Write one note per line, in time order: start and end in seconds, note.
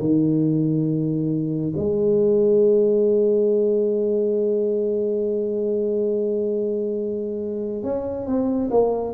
0.00 1.74 D#3
1.77 7.84 G#3
7.84 8.27 C#4
8.27 8.70 C4
8.71 9.15 A#3